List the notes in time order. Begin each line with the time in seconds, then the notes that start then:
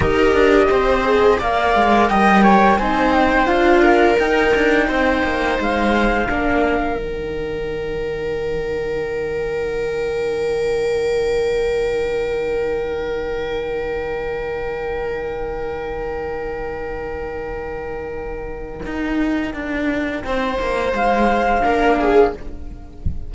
0.00 D#4 G4 A#4 D#5
0.33 D4
0.69 C4 C5
1.03 G#4
1.38 A#3 A#4 D5 F5
1.74 G#3
2.08 G3 D#5 G5
2.42 C#5
2.78 C4 D#4 C5 G#5
3.13 G5
3.46 D4 F4 F5
3.82 A#4
4.19 D#4 G5
4.54 D4
4.87 C4 C5
5.23 A#3
5.58 G#3 F5
6.28 A#3 D4 A#4
6.95 D#3 D#4 G5
18.85 D#4
19.53 D4
20.24 C4 C5
20.59 A#3
20.92 G#3 F5
21.61 A#3 D4 A#4
21.99 G#4